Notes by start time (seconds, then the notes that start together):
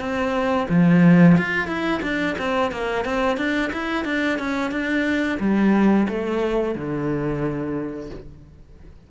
0.00 C4
0.70 F3
1.38 F4
1.68 E4
2.03 D4
2.38 C4
2.72 A#3
3.05 C4
3.38 D4
3.73 E4
4.05 D4
4.39 C#4
4.71 D4
5.40 G3
6.09 A3
6.75 D3